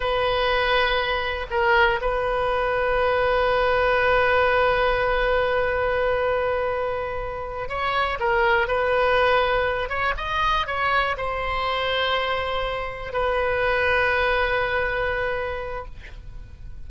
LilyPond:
\new Staff \with { instrumentName = "oboe" } { \time 4/4 \tempo 4 = 121 b'2. ais'4 | b'1~ | b'1~ | b'2.~ b'8 cis''8~ |
cis''8 ais'4 b'2~ b'8 | cis''8 dis''4 cis''4 c''4.~ | c''2~ c''8 b'4.~ | b'1 | }